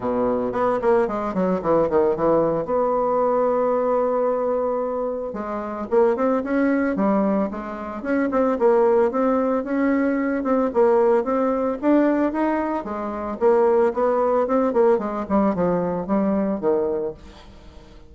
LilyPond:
\new Staff \with { instrumentName = "bassoon" } { \time 4/4 \tempo 4 = 112 b,4 b8 ais8 gis8 fis8 e8 dis8 | e4 b2.~ | b2 gis4 ais8 c'8 | cis'4 g4 gis4 cis'8 c'8 |
ais4 c'4 cis'4. c'8 | ais4 c'4 d'4 dis'4 | gis4 ais4 b4 c'8 ais8 | gis8 g8 f4 g4 dis4 | }